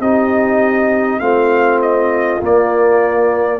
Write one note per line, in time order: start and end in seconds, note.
0.00 1.20 C4
0.00 1.21 D#4
0.00 1.22 G4
0.00 1.20 D#5
1.20 2.41 A3
1.20 2.41 C4
1.20 3.60 F4
1.20 1.79 F5
1.82 2.42 D#5
2.42 3.60 A#3
2.42 3.60 D5